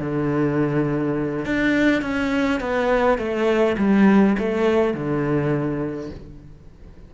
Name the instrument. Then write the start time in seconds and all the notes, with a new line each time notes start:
cello
0.00 D3
1.46 D4
2.02 C#4
2.60 B3
3.18 A3
3.78 G3
4.39 A3
4.94 D3